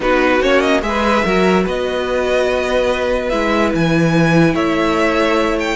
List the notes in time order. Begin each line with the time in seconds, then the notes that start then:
0.00 B3 D#4 F#4 B4
0.41 A#3 C#4 C#5
0.59 D#5
0.82 G#3 G#4 B4 E5
1.24 F#3 F#4 A#4
1.63 B3 B4 D#5
3.29 G#3 E4 E5
3.74 E3 G#5
4.54 A3 C#5 E5
5.59 G5